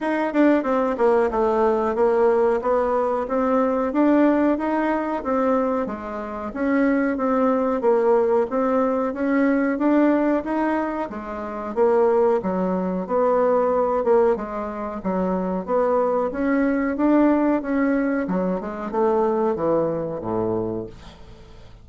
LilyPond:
\new Staff \with { instrumentName = "bassoon" } { \time 4/4 \tempo 4 = 92 dis'8 d'8 c'8 ais8 a4 ais4 | b4 c'4 d'4 dis'4 | c'4 gis4 cis'4 c'4 | ais4 c'4 cis'4 d'4 |
dis'4 gis4 ais4 fis4 | b4. ais8 gis4 fis4 | b4 cis'4 d'4 cis'4 | fis8 gis8 a4 e4 a,4 | }